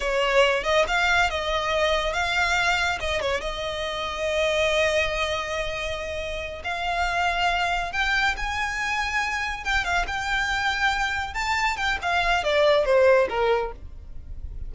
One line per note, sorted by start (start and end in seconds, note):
0.00 0.63 C#5
0.63 0.85 D#5
0.87 1.30 F5
1.30 2.13 D#5
2.13 2.99 F5
3.00 3.20 D#5
3.20 3.41 C#5
3.41 6.62 D#5
6.64 7.92 F5
7.92 8.35 G5
8.36 9.64 G#5
9.64 9.84 G5
9.84 10.05 F5
10.07 11.34 G5
11.34 11.76 A5
11.76 11.98 G5
12.01 12.43 F5
12.43 12.85 D5
12.85 13.28 C5
13.29 13.72 A#4